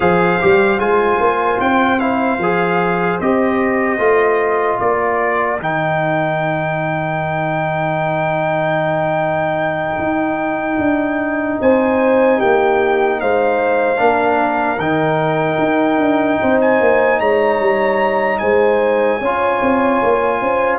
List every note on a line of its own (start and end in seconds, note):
0.00 0.40 F3
0.00 0.40 G#4
0.00 4.79 C5
0.00 0.79 F5
0.40 0.79 G3
0.40 0.79 G4
0.79 1.19 G#3
0.79 1.99 F4
0.79 1.59 G#5
1.19 1.59 A#3
1.60 2.38 C4
1.60 1.99 G5
1.99 2.39 E4
1.99 3.19 F5
2.38 3.18 F3
2.38 3.21 G#4
3.20 3.98 C4
3.20 3.99 G4
3.20 4.79 D#5
3.98 4.78 A3
3.98 5.58 F4
4.79 5.59 A#3
4.79 11.59 A#4
4.79 5.59 D5
5.59 9.98 D#3
5.59 13.97 D#4
5.59 11.61 G5
9.98 10.78 D#4
10.78 11.58 D4
11.61 12.41 C4
11.61 12.38 C5
11.61 12.41 G#5
12.38 13.22 A#3
12.38 13.18 G4
12.38 13.20 G5
13.20 13.99 G#3
13.20 14.01 C5
13.20 14.79 F5
13.97 14.78 A#3
13.97 14.77 D4
13.97 16.41 A#4
14.78 15.58 D#3
14.78 19.21 D#4
14.78 16.59 G5
15.58 15.97 D#4
15.97 16.37 D4
16.41 16.80 C4
16.41 17.20 C5
16.61 17.20 G#5
16.80 17.20 A#3
17.20 17.60 G#3
17.20 18.40 C#5
17.20 18.38 A#5
17.60 18.39 G3
18.38 19.21 G#3
18.38 19.20 C5
18.38 20.78 G#5
19.20 19.61 C#4
19.20 20.79 F4
19.20 20.39 C#5
19.61 20.01 C4
20.03 20.41 A#3
20.40 20.79 C#4
20.40 20.79 C5